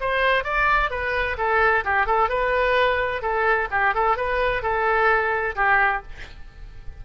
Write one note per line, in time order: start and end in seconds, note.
0.00 0.44 C5
0.44 0.90 D5
0.90 1.36 B4
1.37 1.84 A4
1.84 2.06 G4
2.06 2.29 A4
2.29 3.22 B4
3.22 3.68 A4
3.71 3.94 G4
3.94 4.16 A4
4.16 4.62 B4
4.62 5.55 A4
5.55 6.02 G4